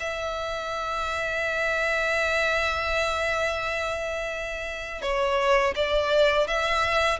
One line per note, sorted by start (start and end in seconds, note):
0.00 5.02 E5
5.02 5.74 C#5
5.75 6.47 D5
6.47 7.20 E5